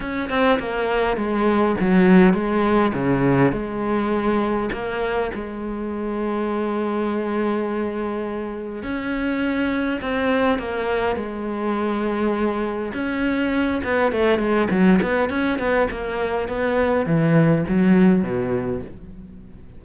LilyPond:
\new Staff \with { instrumentName = "cello" } { \time 4/4 \tempo 4 = 102 cis'8 c'8 ais4 gis4 fis4 | gis4 cis4 gis2 | ais4 gis2.~ | gis2. cis'4~ |
cis'4 c'4 ais4 gis4~ | gis2 cis'4. b8 | a8 gis8 fis8 b8 cis'8 b8 ais4 | b4 e4 fis4 b,4 | }